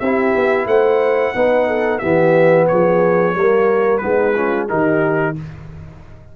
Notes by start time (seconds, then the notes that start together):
0.00 C4 E4 G4 E5
0.36 B3
0.67 A3 C5 F#5
1.36 B3 D#4 B4
1.67 A4
1.99 E3 B3 G4 E5
2.68 F3 G#4 C#5
3.34 G3 A#3 A#4
3.98 B3 B4
4.04 G#3 D#4
4.35 C#4 F4
4.69 D#3 D#4 G4 A#4